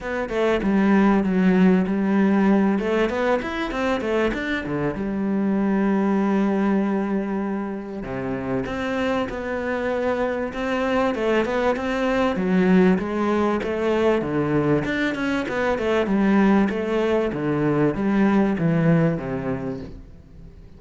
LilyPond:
\new Staff \with { instrumentName = "cello" } { \time 4/4 \tempo 4 = 97 b8 a8 g4 fis4 g4~ | g8 a8 b8 e'8 c'8 a8 d'8 d8 | g1~ | g4 c4 c'4 b4~ |
b4 c'4 a8 b8 c'4 | fis4 gis4 a4 d4 | d'8 cis'8 b8 a8 g4 a4 | d4 g4 e4 c4 | }